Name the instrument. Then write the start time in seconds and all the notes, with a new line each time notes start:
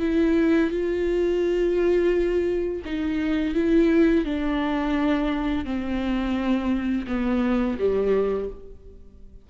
viola
0.00 E4
0.71 F4
2.85 D#4
3.55 E4
4.25 D4
5.65 C4
7.07 B3
7.79 G3